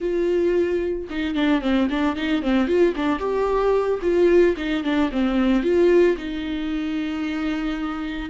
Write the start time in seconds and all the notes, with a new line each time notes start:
0.00 F4
1.10 D#4
1.34 D4
1.61 C4
1.89 D4
2.16 D#4
2.42 C4
2.67 F4
2.96 D4
3.19 G4
4.02 F4
4.56 D#4
4.83 D4
5.11 C4
5.62 F4
6.17 D#4